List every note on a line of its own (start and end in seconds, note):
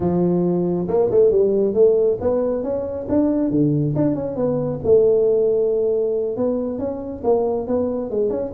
0.00 0.87 F3
0.87 1.09 A#3
1.10 1.31 A3
1.31 1.74 G3
1.74 2.17 A3
2.20 2.63 B3
2.63 3.07 C#4
3.08 3.50 D4
3.50 3.94 D3
3.95 4.15 D4
4.15 4.36 C#4
4.36 4.79 B3
4.84 6.36 A3
6.36 6.78 B3
6.78 7.22 C#4
7.23 7.67 A#3
7.67 8.10 B3
8.10 8.30 G#3
8.30 8.52 C#4